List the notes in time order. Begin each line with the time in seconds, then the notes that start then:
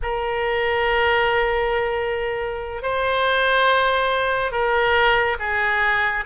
0.02 A#4
2.82 C5
4.51 A#4
5.39 G#4